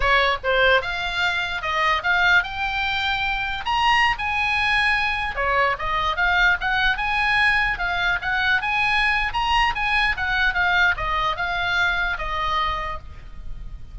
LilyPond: \new Staff \with { instrumentName = "oboe" } { \time 4/4 \tempo 4 = 148 cis''4 c''4 f''2 | dis''4 f''4 g''2~ | g''4 ais''4~ ais''16 gis''4.~ gis''16~ | gis''4~ gis''16 cis''4 dis''4 f''8.~ |
f''16 fis''4 gis''2 f''8.~ | f''16 fis''4 gis''4.~ gis''16 ais''4 | gis''4 fis''4 f''4 dis''4 | f''2 dis''2 | }